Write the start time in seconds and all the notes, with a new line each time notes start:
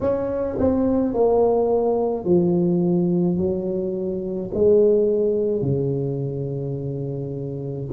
0.01 C#4
0.58 C4
1.14 A#3
2.24 F3
3.37 F#3
4.53 G#3
5.61 C#3